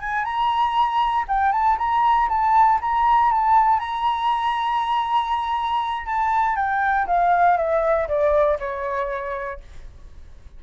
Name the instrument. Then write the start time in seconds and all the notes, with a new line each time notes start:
flute
0.00 G#5
0.24 A#5
1.28 G5
1.51 A5
1.78 A#5
2.28 A5
2.81 A#5
3.31 A5
3.79 A#5
6.06 A5
6.56 G5
7.07 F5
7.57 E5
8.08 D5
8.59 C#5